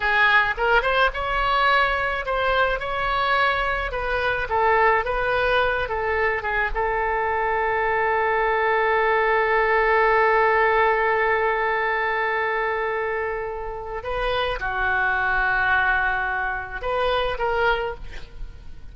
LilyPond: \new Staff \with { instrumentName = "oboe" } { \time 4/4 \tempo 4 = 107 gis'4 ais'8 c''8 cis''2 | c''4 cis''2 b'4 | a'4 b'4. a'4 gis'8 | a'1~ |
a'1~ | a'1~ | a'4 b'4 fis'2~ | fis'2 b'4 ais'4 | }